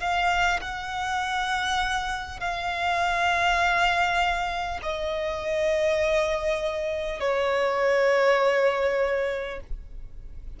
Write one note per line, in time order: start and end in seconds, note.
0.00 0.60 F5
0.61 2.39 F#5
2.39 4.79 F5
4.82 7.19 D#5
7.19 9.59 C#5